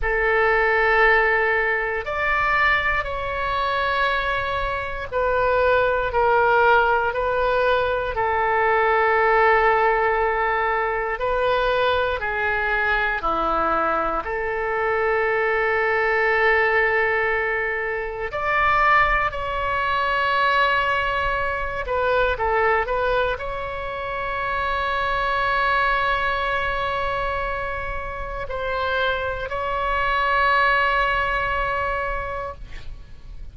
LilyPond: \new Staff \with { instrumentName = "oboe" } { \time 4/4 \tempo 4 = 59 a'2 d''4 cis''4~ | cis''4 b'4 ais'4 b'4 | a'2. b'4 | gis'4 e'4 a'2~ |
a'2 d''4 cis''4~ | cis''4. b'8 a'8 b'8 cis''4~ | cis''1 | c''4 cis''2. | }